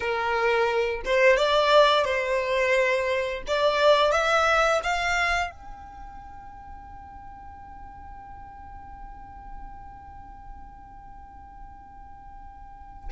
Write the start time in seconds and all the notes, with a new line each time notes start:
0.00 A#4
1.05 C5
1.36 D5
2.04 C5
3.47 D5
4.11 E5
4.83 F5
5.50 G5